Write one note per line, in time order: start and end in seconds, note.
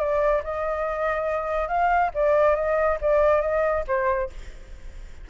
0.00 0.43 D5
0.44 1.68 D#5
1.68 2.11 F5
2.15 2.56 D5
2.56 2.98 D#5
3.01 3.42 D5
3.42 3.85 D#5
3.88 4.30 C5